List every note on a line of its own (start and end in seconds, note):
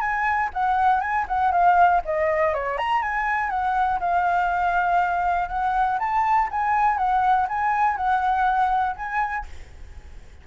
0.00 0.50 G#5
0.53 1.00 F#5
1.00 1.25 G#5
1.28 1.51 F#5
1.51 2.01 F5
2.04 2.53 D#5
2.53 2.77 C#5
2.77 3.02 A#5
3.02 3.50 G#5
3.50 3.99 F#5
4.00 5.48 F5
5.48 5.98 F#5
5.99 6.48 A5
6.50 6.97 G#5
6.97 7.47 F#5
7.48 7.96 G#5
7.96 8.95 F#5
8.96 9.46 G#5